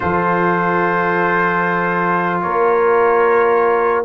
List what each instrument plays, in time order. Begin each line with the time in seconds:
0.00 tuba F3, trombone F4, horn A4, trumpet C5
2.41 tuba A#3, horn A#4, trumpet C#5